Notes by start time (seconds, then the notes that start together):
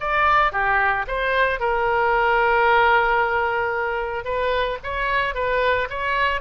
0.00 D5
0.52 G4
1.07 C5
1.59 A#4
4.24 B4
4.83 C#5
5.34 B4
5.89 C#5